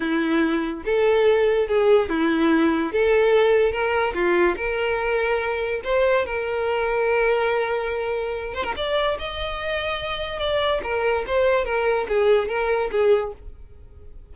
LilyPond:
\new Staff \with { instrumentName = "violin" } { \time 4/4 \tempo 4 = 144 e'2 a'2 | gis'4 e'2 a'4~ | a'4 ais'4 f'4 ais'4~ | ais'2 c''4 ais'4~ |
ais'1~ | ais'8 c''16 ais'16 d''4 dis''2~ | dis''4 d''4 ais'4 c''4 | ais'4 gis'4 ais'4 gis'4 | }